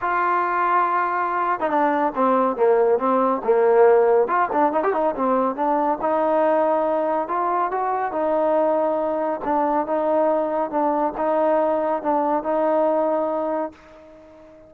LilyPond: \new Staff \with { instrumentName = "trombone" } { \time 4/4 \tempo 4 = 140 f'2.~ f'8. dis'16 | d'4 c'4 ais4 c'4 | ais2 f'8 d'8 dis'16 g'16 dis'8 | c'4 d'4 dis'2~ |
dis'4 f'4 fis'4 dis'4~ | dis'2 d'4 dis'4~ | dis'4 d'4 dis'2 | d'4 dis'2. | }